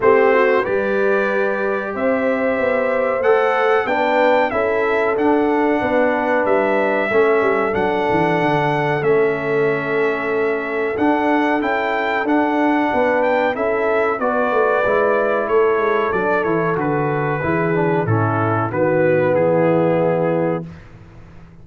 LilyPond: <<
  \new Staff \with { instrumentName = "trumpet" } { \time 4/4 \tempo 4 = 93 c''4 d''2 e''4~ | e''4 fis''4 g''4 e''4 | fis''2 e''2 | fis''2 e''2~ |
e''4 fis''4 g''4 fis''4~ | fis''8 g''8 e''4 d''2 | cis''4 d''8 cis''8 b'2 | a'4 b'4 gis'2 | }
  \new Staff \with { instrumentName = "horn" } { \time 4/4 g'8 fis'8 b'2 c''4~ | c''2 b'4 a'4~ | a'4 b'2 a'4~ | a'1~ |
a'1 | b'4 a'4 b'2 | a'2. gis'4 | e'4 fis'4 e'2 | }
  \new Staff \with { instrumentName = "trombone" } { \time 4/4 c'4 g'2.~ | g'4 a'4 d'4 e'4 | d'2. cis'4 | d'2 cis'2~ |
cis'4 d'4 e'4 d'4~ | d'4 e'4 fis'4 e'4~ | e'4 d'8 e'8 fis'4 e'8 d'8 | cis'4 b2. | }
  \new Staff \with { instrumentName = "tuba" } { \time 4/4 a4 g2 c'4 | b4 a4 b4 cis'4 | d'4 b4 g4 a8 g8 | fis8 e8 d4 a2~ |
a4 d'4 cis'4 d'4 | b4 cis'4 b8 a8 gis4 | a8 gis8 fis8 e8 d4 e4 | a,4 dis4 e2 | }
>>